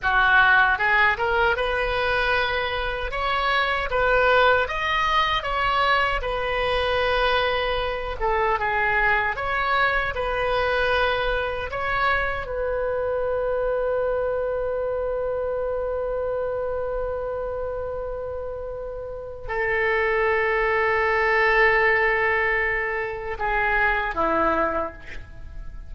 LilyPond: \new Staff \with { instrumentName = "oboe" } { \time 4/4 \tempo 4 = 77 fis'4 gis'8 ais'8 b'2 | cis''4 b'4 dis''4 cis''4 | b'2~ b'8 a'8 gis'4 | cis''4 b'2 cis''4 |
b'1~ | b'1~ | b'4 a'2.~ | a'2 gis'4 e'4 | }